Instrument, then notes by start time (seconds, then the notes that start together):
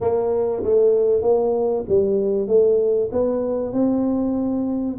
tuba
0.00 A#3
0.63 A3
1.22 A#3
1.88 G3
2.47 A3
3.12 B3
3.72 C4